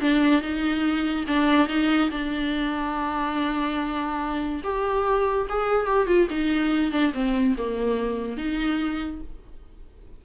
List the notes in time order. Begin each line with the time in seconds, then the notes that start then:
0.00 D4
0.41 D#4
1.27 D4
1.68 D#4
2.10 D4
4.63 G4
5.49 G#4
5.86 G4
6.07 F4
6.30 D#4
6.91 D4
7.13 C4
7.57 A#3
8.37 D#4